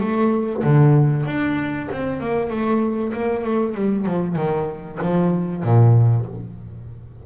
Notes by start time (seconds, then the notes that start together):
0.00 A3
0.63 D3
1.26 D4
1.91 C4
2.20 A#3
2.50 A3
3.12 A#3
3.44 A3
3.74 G3
4.06 F3
4.36 D#3
5.01 F3
5.63 A#2